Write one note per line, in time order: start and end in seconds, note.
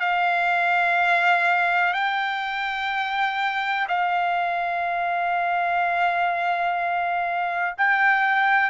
0.00 1.94 F5
1.94 3.87 G5
3.88 7.75 F5
7.78 8.70 G5